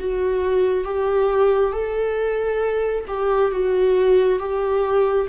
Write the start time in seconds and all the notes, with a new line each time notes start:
0.00 F#4
0.85 G4
1.72 A4
3.08 G4
3.52 F#4
4.40 G4